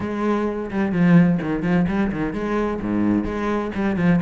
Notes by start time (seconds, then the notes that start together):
0.00 G#3
0.70 G3
0.92 F3
1.41 D#3
1.62 F3
1.88 G3
2.12 D#3
2.33 G#3
2.81 G#2
3.24 G#3
3.74 G3
3.96 F3